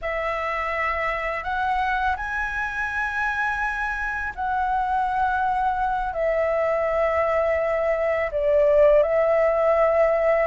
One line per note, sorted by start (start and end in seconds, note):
0.01 1.43 E5
1.43 2.16 F#5
2.16 4.33 G#5
4.35 6.13 F#5
6.13 8.30 E5
8.31 9.02 D5
9.02 10.47 E5